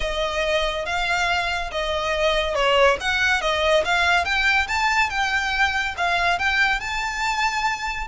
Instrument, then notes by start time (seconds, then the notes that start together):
violin
0.00 D#5
0.85 F5
1.71 D#5
2.54 C#5
3.00 F#5
3.41 D#5
3.84 F5
4.24 G5
4.67 A5
5.09 G5
5.97 F5
6.38 G5
6.79 A5